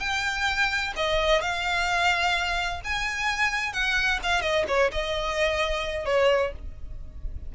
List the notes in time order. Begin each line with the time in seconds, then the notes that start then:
0.00 G5
0.96 D#5
1.42 F5
2.84 G#5
3.73 F#5
4.23 F5
4.41 D#5
4.68 C#5
4.92 D#5
6.06 C#5